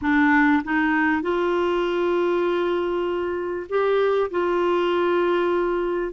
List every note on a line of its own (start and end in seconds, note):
0.01 0.62 D4
0.63 1.22 D#4
1.22 3.67 F4
3.69 4.30 G4
4.30 6.12 F4